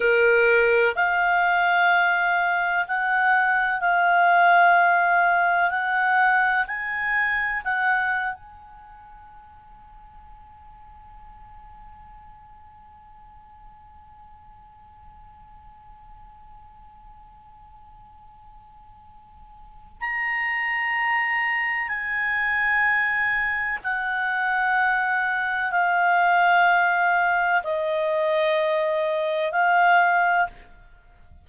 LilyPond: \new Staff \with { instrumentName = "clarinet" } { \time 4/4 \tempo 4 = 63 ais'4 f''2 fis''4 | f''2 fis''4 gis''4 | fis''8. gis''2.~ gis''16~ | gis''1~ |
gis''1~ | gis''4 ais''2 gis''4~ | gis''4 fis''2 f''4~ | f''4 dis''2 f''4 | }